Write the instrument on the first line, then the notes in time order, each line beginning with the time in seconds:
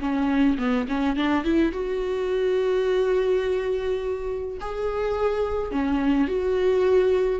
viola
0.00 C#4
0.58 B3
0.88 C#4
1.16 D4
1.44 E4
1.72 F#4
4.61 G#4
5.71 C#4
6.28 F#4